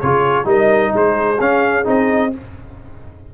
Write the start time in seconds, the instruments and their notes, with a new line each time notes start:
0.00 tuba C#3, trombone F4, horn G#4, trumpet C#5
0.44 tuba G3, trombone D#4, horn A#4, trumpet D#5
0.93 tuba G#3, horn G#4, trumpet C5
1.39 tuba C#4, trombone C#4, trumpet F5
1.84 tuba C4, trombone D#4, trumpet D#5